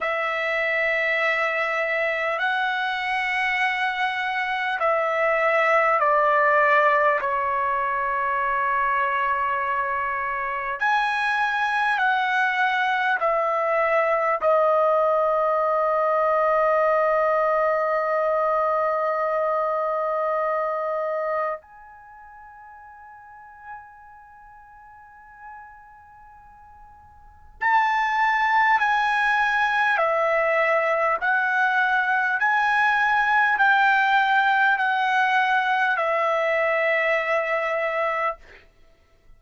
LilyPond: \new Staff \with { instrumentName = "trumpet" } { \time 4/4 \tempo 4 = 50 e''2 fis''2 | e''4 d''4 cis''2~ | cis''4 gis''4 fis''4 e''4 | dis''1~ |
dis''2 gis''2~ | gis''2. a''4 | gis''4 e''4 fis''4 gis''4 | g''4 fis''4 e''2 | }